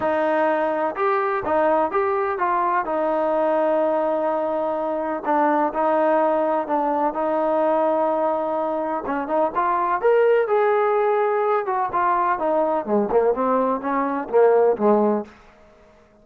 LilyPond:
\new Staff \with { instrumentName = "trombone" } { \time 4/4 \tempo 4 = 126 dis'2 g'4 dis'4 | g'4 f'4 dis'2~ | dis'2. d'4 | dis'2 d'4 dis'4~ |
dis'2. cis'8 dis'8 | f'4 ais'4 gis'2~ | gis'8 fis'8 f'4 dis'4 gis8 ais8 | c'4 cis'4 ais4 gis4 | }